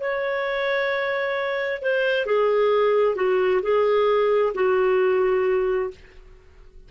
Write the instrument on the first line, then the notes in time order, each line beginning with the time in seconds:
clarinet
0.00 C#5
1.81 C5
2.26 G#4
3.15 F#4
3.62 G#4
4.54 F#4